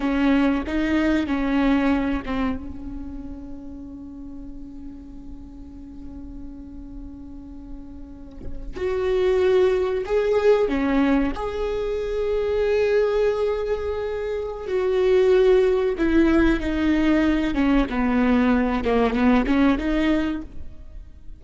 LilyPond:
\new Staff \with { instrumentName = "viola" } { \time 4/4 \tempo 4 = 94 cis'4 dis'4 cis'4. c'8 | cis'1~ | cis'1~ | cis'4.~ cis'16 fis'2 gis'16~ |
gis'8. cis'4 gis'2~ gis'16~ | gis'2. fis'4~ | fis'4 e'4 dis'4. cis'8 | b4. ais8 b8 cis'8 dis'4 | }